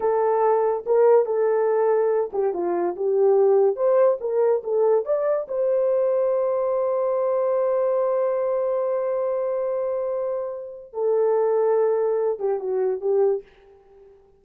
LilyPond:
\new Staff \with { instrumentName = "horn" } { \time 4/4 \tempo 4 = 143 a'2 ais'4 a'4~ | a'4. g'8 f'4 g'4~ | g'4 c''4 ais'4 a'4 | d''4 c''2.~ |
c''1~ | c''1~ | c''2 a'2~ | a'4. g'8 fis'4 g'4 | }